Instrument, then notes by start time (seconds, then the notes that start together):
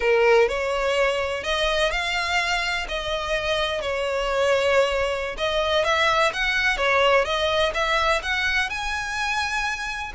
violin
0.00 A#4
0.48 C#5
1.43 D#5
1.91 F5
2.88 D#5
3.81 C#5
5.37 D#5
5.84 E5
6.33 F#5
6.77 C#5
7.24 D#5
7.73 E5
8.22 F#5
8.69 G#5